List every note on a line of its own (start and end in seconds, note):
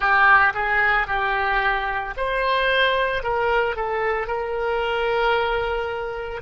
0.00 0.53 G4
0.54 1.07 G#4
1.07 2.14 G4
2.17 3.23 C5
3.23 3.75 A#4
3.75 4.27 A4
4.27 6.41 A#4